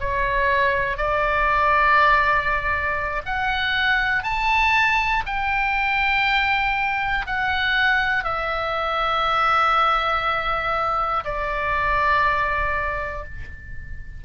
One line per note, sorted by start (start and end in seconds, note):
0.00 0.97 C#5
0.97 3.22 D5
3.26 4.23 F#5
4.23 5.23 A5
5.26 7.26 G5
7.26 8.24 F#5
8.24 11.24 E5
11.25 13.25 D5